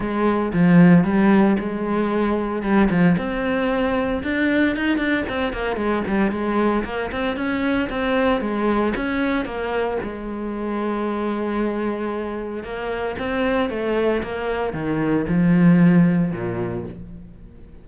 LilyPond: \new Staff \with { instrumentName = "cello" } { \time 4/4 \tempo 4 = 114 gis4 f4 g4 gis4~ | gis4 g8 f8 c'2 | d'4 dis'8 d'8 c'8 ais8 gis8 g8 | gis4 ais8 c'8 cis'4 c'4 |
gis4 cis'4 ais4 gis4~ | gis1 | ais4 c'4 a4 ais4 | dis4 f2 ais,4 | }